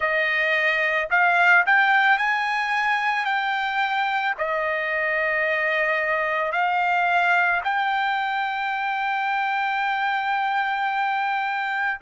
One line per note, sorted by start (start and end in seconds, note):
0.00 1.08 D#5
1.10 1.65 F5
1.66 2.18 G5
2.18 3.25 G#5
3.25 4.34 G5
4.37 6.52 D#5
6.52 7.61 F5
7.64 12.00 G5